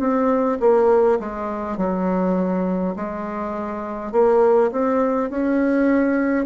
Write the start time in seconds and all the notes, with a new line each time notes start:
0.00 C4
0.60 A#3
1.20 G#3
1.78 F#3
2.96 G#3
4.12 A#3
4.72 C4
5.30 C#4